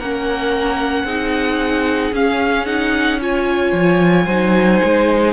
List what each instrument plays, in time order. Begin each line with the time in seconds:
0.00 cello A#3, viola C#4, violin A#4 F#5
1.05 cello C4, viola D#4, violin G#4
2.12 cello C#4, viola C#4, violin F5
2.66 viola D#4, violin F#5
3.20 viola F4, violin C#5 G#5
3.73 cello F3
4.26 cello F#3, viola D#4, violin C5
4.85 cello G#3